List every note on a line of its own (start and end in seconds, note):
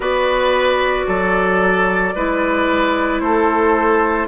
0.00 1.04 B3
0.00 2.14 F#4
0.00 1.05 B4
0.00 3.20 D5
1.07 2.14 F#3
1.07 2.14 A4
2.15 3.20 G#3
2.15 4.27 E4
2.15 3.22 B4
3.20 4.27 A3
3.20 4.27 A4
3.20 4.27 C5